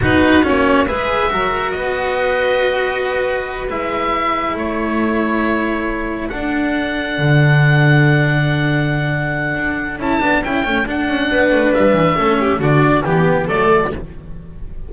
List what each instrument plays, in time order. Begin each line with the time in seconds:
0.01 double bass B3, cello D#4, violin F#4, oboe B4
0.43 double bass A#3, cello C#4, oboe C#5
0.86 double bass G#3, cello G#4, violin B4, oboe E5
1.29 double bass F#3, cello F#4, violin A#4
1.71 double bass B3, violin B4, oboe D#5
3.69 double bass G#3, cello E4, oboe E5
4.54 double bass A3, violin A4, oboe C#5
6.29 double bass D4, cello D4, oboe F#5
7.18 double bass D3
9.54 double bass D4
9.97 double bass C#4, cello E4, oboe A5
10.20 double bass B3, cello D4
10.44 double bass C#4, cello E4, oboe G5
10.63 double bass A3, cello C#4
10.86 double bass D4, cello D4, oboe F#5
11.08 double bass C#4
11.31 double bass B3, violin B4
11.51 double bass A3
11.73 double bass G3, oboe E5
11.92 double bass E3
12.16 double bass A3, cello C#4, violin A4
12.40 violin G4
12.59 double bass D3, cello D4, violin F#4, oboe D5
13.04 double bass E3, cello B3, oboe G4, violin G4
13.46 double bass F#3, cello A3, violin A4, oboe D5